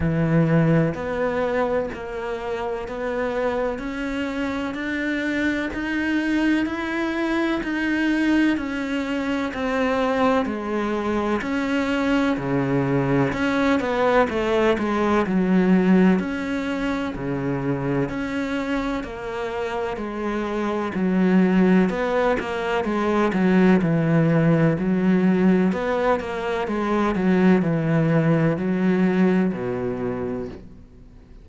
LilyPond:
\new Staff \with { instrumentName = "cello" } { \time 4/4 \tempo 4 = 63 e4 b4 ais4 b4 | cis'4 d'4 dis'4 e'4 | dis'4 cis'4 c'4 gis4 | cis'4 cis4 cis'8 b8 a8 gis8 |
fis4 cis'4 cis4 cis'4 | ais4 gis4 fis4 b8 ais8 | gis8 fis8 e4 fis4 b8 ais8 | gis8 fis8 e4 fis4 b,4 | }